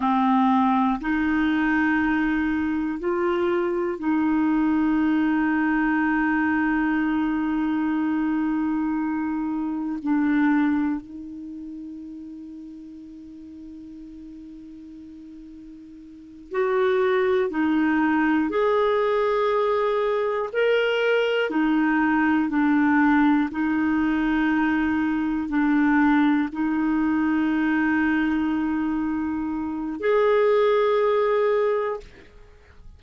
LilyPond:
\new Staff \with { instrumentName = "clarinet" } { \time 4/4 \tempo 4 = 60 c'4 dis'2 f'4 | dis'1~ | dis'2 d'4 dis'4~ | dis'1~ |
dis'8 fis'4 dis'4 gis'4.~ | gis'8 ais'4 dis'4 d'4 dis'8~ | dis'4. d'4 dis'4.~ | dis'2 gis'2 | }